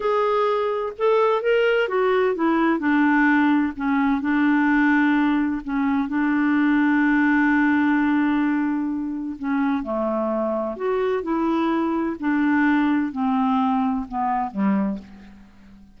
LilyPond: \new Staff \with { instrumentName = "clarinet" } { \time 4/4 \tempo 4 = 128 gis'2 a'4 ais'4 | fis'4 e'4 d'2 | cis'4 d'2. | cis'4 d'2.~ |
d'1 | cis'4 a2 fis'4 | e'2 d'2 | c'2 b4 g4 | }